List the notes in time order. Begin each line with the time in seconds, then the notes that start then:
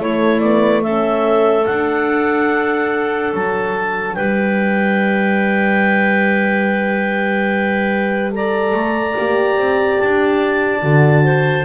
0.00 A3 E4 C#5
0.40 B3 D5
0.83 C#4 A4 E5
1.66 D4 F#5
3.34 F#3 A5
4.15 G3 B4 G5
8.31 A4 D5 A#5
8.73 A3
9.18 A#3 G4
9.57 C4
10.00 D4 A5
10.82 D3 F#4
11.25 C5